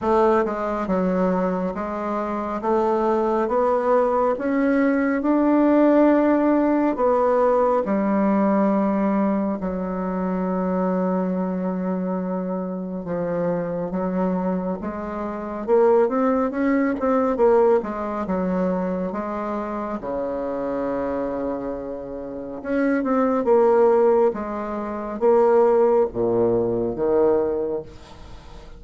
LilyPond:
\new Staff \with { instrumentName = "bassoon" } { \time 4/4 \tempo 4 = 69 a8 gis8 fis4 gis4 a4 | b4 cis'4 d'2 | b4 g2 fis4~ | fis2. f4 |
fis4 gis4 ais8 c'8 cis'8 c'8 | ais8 gis8 fis4 gis4 cis4~ | cis2 cis'8 c'8 ais4 | gis4 ais4 ais,4 dis4 | }